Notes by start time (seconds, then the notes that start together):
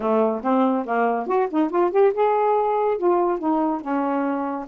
0.00 A3
0.43 C4
0.85 A#3
1.26 F#4
1.50 D#4
1.70 F4
1.91 G4
2.13 G#4
2.97 F4
3.38 D#4
3.81 C#4